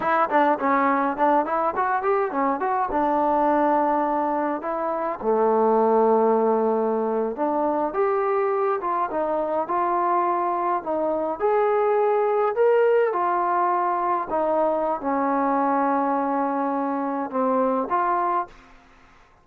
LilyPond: \new Staff \with { instrumentName = "trombone" } { \time 4/4 \tempo 4 = 104 e'8 d'8 cis'4 d'8 e'8 fis'8 g'8 | cis'8 fis'8 d'2. | e'4 a2.~ | a8. d'4 g'4. f'8 dis'16~ |
dis'8. f'2 dis'4 gis'16~ | gis'4.~ gis'16 ais'4 f'4~ f'16~ | f'8. dis'4~ dis'16 cis'2~ | cis'2 c'4 f'4 | }